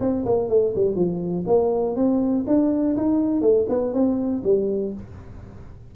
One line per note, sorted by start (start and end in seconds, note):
0.00 0.25 C4
0.25 0.49 A#3
0.49 0.73 A3
0.75 0.95 G3
0.95 1.44 F3
1.46 1.96 A#3
1.96 2.45 C4
2.47 2.96 D4
2.96 3.41 D#4
3.41 3.66 A3
3.69 3.93 B3
3.93 4.42 C4
4.44 4.93 G3